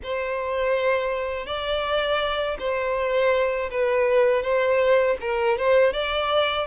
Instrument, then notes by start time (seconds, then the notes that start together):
violin
0.03 C5
1.46 D5
2.59 C5
3.70 B4
4.42 C5
5.21 A#4
5.58 C5
5.93 D5